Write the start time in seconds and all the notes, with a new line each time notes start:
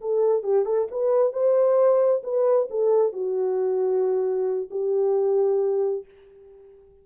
0.00 A4
0.43 G4
0.65 A4
0.91 B4
1.32 C5
2.23 B4
2.70 A4
3.12 F#4
4.70 G4